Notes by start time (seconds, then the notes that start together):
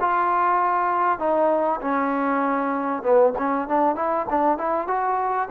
0.00 F4
1.19 D#4
1.81 C#4
3.02 B3
3.38 C#4
3.68 D4
3.95 E4
4.30 D4
4.58 E4
4.87 F#4